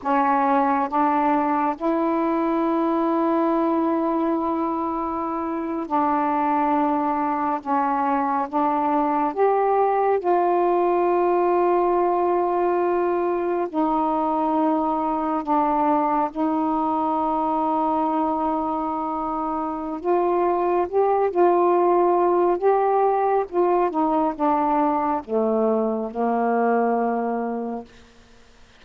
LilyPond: \new Staff \with { instrumentName = "saxophone" } { \time 4/4 \tempo 4 = 69 cis'4 d'4 e'2~ | e'2~ e'8. d'4~ d'16~ | d'8. cis'4 d'4 g'4 f'16~ | f'2.~ f'8. dis'16~ |
dis'4.~ dis'16 d'4 dis'4~ dis'16~ | dis'2. f'4 | g'8 f'4. g'4 f'8 dis'8 | d'4 a4 ais2 | }